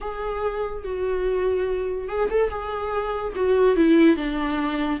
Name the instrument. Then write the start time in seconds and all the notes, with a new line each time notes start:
viola
0.00 G#4
0.83 F#4
2.08 G#4
2.30 A4
2.50 G#4
3.35 F#4
3.75 E4
4.16 D4